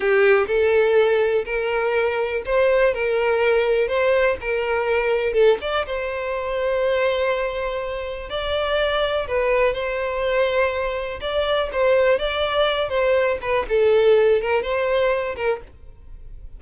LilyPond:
\new Staff \with { instrumentName = "violin" } { \time 4/4 \tempo 4 = 123 g'4 a'2 ais'4~ | ais'4 c''4 ais'2 | c''4 ais'2 a'8 d''8 | c''1~ |
c''4 d''2 b'4 | c''2. d''4 | c''4 d''4. c''4 b'8 | a'4. ais'8 c''4. ais'8 | }